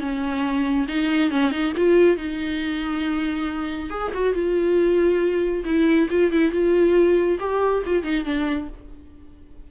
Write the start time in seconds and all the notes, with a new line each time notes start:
0.00 C#4
0.88 D#4
1.31 C#4
1.51 D#4
1.77 F4
2.17 D#4
3.90 G#4
4.14 F#4
4.34 F4
5.65 E4
6.10 F4
6.32 E4
6.52 F4
7.40 G4
7.86 F4
8.03 D#4
8.25 D4